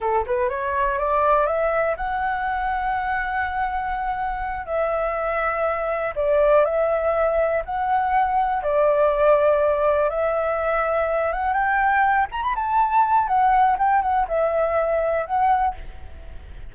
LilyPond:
\new Staff \with { instrumentName = "flute" } { \time 4/4 \tempo 4 = 122 a'8 b'8 cis''4 d''4 e''4 | fis''1~ | fis''4. e''2~ e''8~ | e''8 d''4 e''2 fis''8~ |
fis''4. d''2~ d''8~ | d''8 e''2~ e''8 fis''8 g''8~ | g''4 ais''16 b''16 a''4. fis''4 | g''8 fis''8 e''2 fis''4 | }